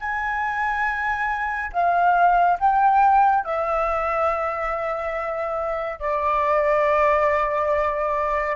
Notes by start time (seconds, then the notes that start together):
0.00 G#5
1.73 F5
2.59 G5
3.44 E5
5.99 D5